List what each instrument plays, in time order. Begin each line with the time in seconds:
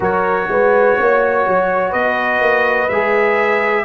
0.00 tuba F#3, trombone F#4, horn A#4, trumpet C#5
0.48 tuba G#3, horn B4
0.98 tuba A#3, horn C#5
1.47 tuba F#3
1.90 tuba B3, horn B4, trumpet D#5
2.40 tuba A#3
2.88 tuba G#3, trombone G#4, trumpet E5